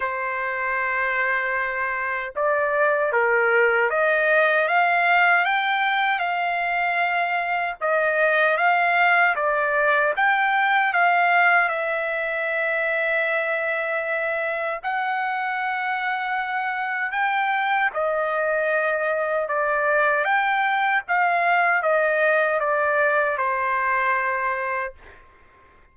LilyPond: \new Staff \with { instrumentName = "trumpet" } { \time 4/4 \tempo 4 = 77 c''2. d''4 | ais'4 dis''4 f''4 g''4 | f''2 dis''4 f''4 | d''4 g''4 f''4 e''4~ |
e''2. fis''4~ | fis''2 g''4 dis''4~ | dis''4 d''4 g''4 f''4 | dis''4 d''4 c''2 | }